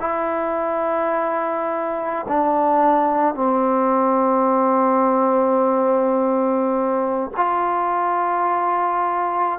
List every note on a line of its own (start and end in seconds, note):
0.00 2.26 E4
2.28 3.34 D4
3.34 7.31 C4
7.37 9.59 F4